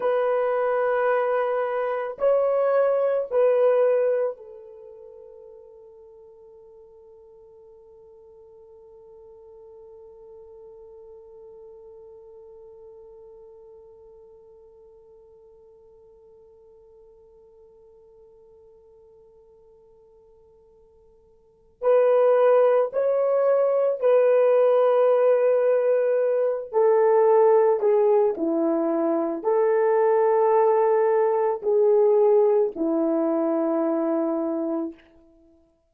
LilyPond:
\new Staff \with { instrumentName = "horn" } { \time 4/4 \tempo 4 = 55 b'2 cis''4 b'4 | a'1~ | a'1~ | a'1~ |
a'1 | b'4 cis''4 b'2~ | b'8 a'4 gis'8 e'4 a'4~ | a'4 gis'4 e'2 | }